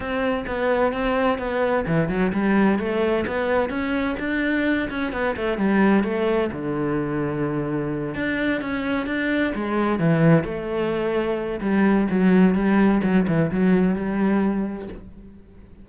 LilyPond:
\new Staff \with { instrumentName = "cello" } { \time 4/4 \tempo 4 = 129 c'4 b4 c'4 b4 | e8 fis8 g4 a4 b4 | cis'4 d'4. cis'8 b8 a8 | g4 a4 d2~ |
d4. d'4 cis'4 d'8~ | d'8 gis4 e4 a4.~ | a4 g4 fis4 g4 | fis8 e8 fis4 g2 | }